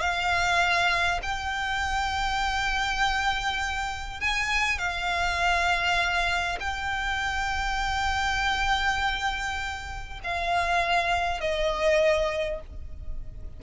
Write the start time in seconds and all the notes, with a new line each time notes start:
0.00 F5
1.22 G5
4.20 G#5
4.78 F5
6.60 G5
10.23 F5
11.40 D#5